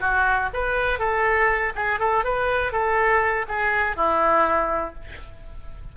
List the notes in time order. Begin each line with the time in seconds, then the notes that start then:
0.00 F#4
0.53 B4
0.99 A4
1.75 G#4
1.99 A4
2.24 B4
2.72 A4
3.48 G#4
3.96 E4